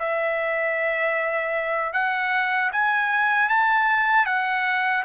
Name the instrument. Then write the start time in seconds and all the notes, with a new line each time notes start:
trumpet
0.00 E5
1.93 F#5
2.73 G#5
3.50 A5
4.26 F#5